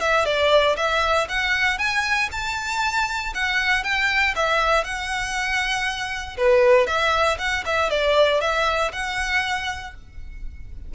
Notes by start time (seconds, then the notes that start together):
0.00 E5
0.25 D5
0.76 E5
1.29 F#5
1.78 G#5
2.31 A5
3.34 F#5
3.83 G5
4.35 E5
4.84 F#5
6.37 B4
6.86 E5
7.38 F#5
7.65 E5
7.90 D5
8.40 E5
8.92 F#5